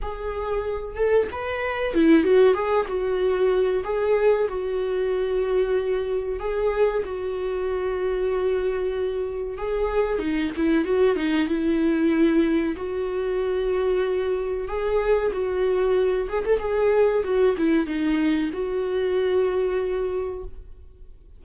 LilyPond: \new Staff \with { instrumentName = "viola" } { \time 4/4 \tempo 4 = 94 gis'4. a'8 b'4 e'8 fis'8 | gis'8 fis'4. gis'4 fis'4~ | fis'2 gis'4 fis'4~ | fis'2. gis'4 |
dis'8 e'8 fis'8 dis'8 e'2 | fis'2. gis'4 | fis'4. gis'16 a'16 gis'4 fis'8 e'8 | dis'4 fis'2. | }